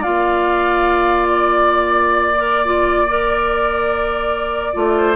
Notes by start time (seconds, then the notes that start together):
0.00 A#3 F4 D5 F5
1.29 D5
2.37 A#4
2.65 F4
3.09 A#4
4.74 A3 F4
4.97 C5